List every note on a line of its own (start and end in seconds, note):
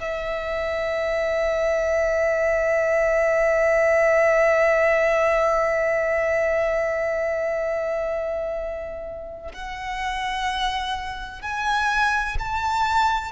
0.00 9.52 E5
9.54 11.42 F#5
11.42 12.37 G#5
12.39 13.32 A5